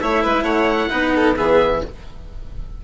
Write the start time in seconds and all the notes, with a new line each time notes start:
0.00 A3 E4 C#5 E5
0.23 G#3 B4
0.43 A3 C#5 F#5
0.90 B3 D#4 B4
1.16 A4
1.36 E3 B3 G#4 E5